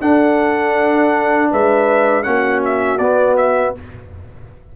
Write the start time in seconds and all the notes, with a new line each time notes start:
0.00 D4 A4 F#5
1.51 G#3 B4 E5
2.23 A#3 C#4 F#4 F#5
2.65 E5
2.98 B3 D5
3.37 E5